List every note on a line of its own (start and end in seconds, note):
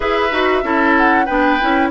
0.00 0.31 E4
0.00 0.30 G#4
0.00 0.64 B4
0.00 0.96 E5
0.31 0.63 D#4
0.31 0.63 F#4
0.63 1.27 C#4
0.63 1.27 E4
0.63 1.25 A4
0.97 1.25 F#5
1.25 1.61 B3
1.25 1.60 D4
1.25 1.89 B4
1.25 1.89 G5
1.60 1.91 C#4
1.60 1.91 E4